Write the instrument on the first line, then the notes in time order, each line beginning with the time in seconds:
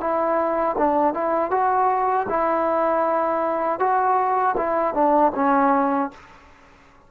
trombone
0.00 E4
0.78 D4
1.14 E4
1.50 F#4
2.29 E4
3.79 F#4
4.57 E4
4.94 D4
5.35 C#4